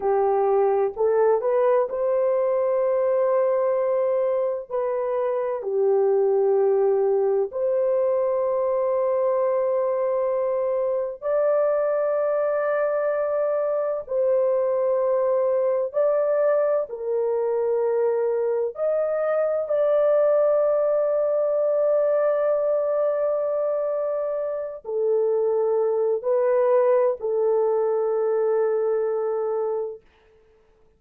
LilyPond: \new Staff \with { instrumentName = "horn" } { \time 4/4 \tempo 4 = 64 g'4 a'8 b'8 c''2~ | c''4 b'4 g'2 | c''1 | d''2. c''4~ |
c''4 d''4 ais'2 | dis''4 d''2.~ | d''2~ d''8 a'4. | b'4 a'2. | }